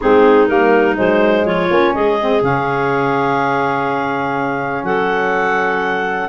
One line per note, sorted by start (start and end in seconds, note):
0.00 0.49 G#3
0.00 0.48 C4
0.00 1.45 D#4
0.00 0.47 G#4
0.47 0.97 G3
0.47 0.95 A#3
0.47 0.96 A#4
0.95 1.45 F#3
0.95 1.68 G#3
0.95 1.45 C5
1.45 1.69 F3
1.45 1.93 F4
1.45 1.94 C#5
1.70 1.94 A#3
1.70 2.18 C#4
1.94 2.42 G#3
1.94 4.84 G#4
1.94 2.42 D#5
2.21 2.41 C4
2.41 4.83 C#3
2.41 6.28 C#4
2.41 4.84 F5
4.83 6.28 F#3
4.83 6.28 A4
4.83 6.28 F#5